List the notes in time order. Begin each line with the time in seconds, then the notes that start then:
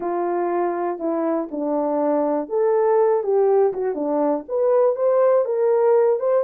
0.00 F4
0.98 E4
1.51 D4
2.48 A4
3.23 G4
3.73 F#4
3.94 D4
4.48 B4
4.95 C5
5.45 A#4
6.19 C5